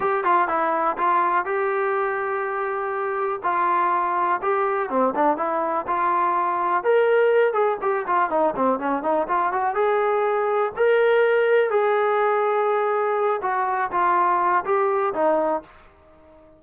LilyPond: \new Staff \with { instrumentName = "trombone" } { \time 4/4 \tempo 4 = 123 g'8 f'8 e'4 f'4 g'4~ | g'2. f'4~ | f'4 g'4 c'8 d'8 e'4 | f'2 ais'4. gis'8 |
g'8 f'8 dis'8 c'8 cis'8 dis'8 f'8 fis'8 | gis'2 ais'2 | gis'2.~ gis'8 fis'8~ | fis'8 f'4. g'4 dis'4 | }